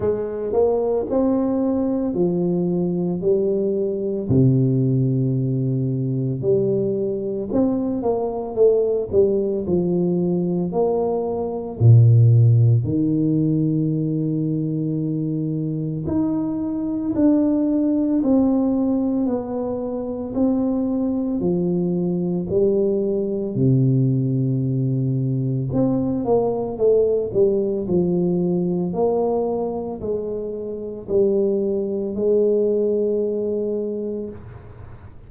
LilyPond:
\new Staff \with { instrumentName = "tuba" } { \time 4/4 \tempo 4 = 56 gis8 ais8 c'4 f4 g4 | c2 g4 c'8 ais8 | a8 g8 f4 ais4 ais,4 | dis2. dis'4 |
d'4 c'4 b4 c'4 | f4 g4 c2 | c'8 ais8 a8 g8 f4 ais4 | gis4 g4 gis2 | }